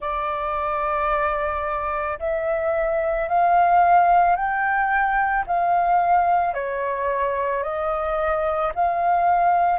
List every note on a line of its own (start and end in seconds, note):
0.00 2.18 D5
2.19 3.28 E5
3.28 4.35 F5
4.35 5.44 G5
5.46 6.54 F5
6.54 7.63 C#5
7.63 8.72 D#5
8.75 9.79 F5